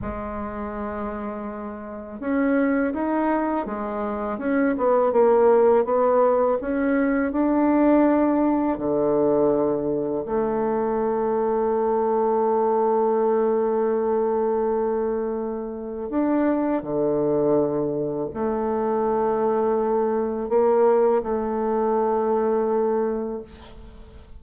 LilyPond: \new Staff \with { instrumentName = "bassoon" } { \time 4/4 \tempo 4 = 82 gis2. cis'4 | dis'4 gis4 cis'8 b8 ais4 | b4 cis'4 d'2 | d2 a2~ |
a1~ | a2 d'4 d4~ | d4 a2. | ais4 a2. | }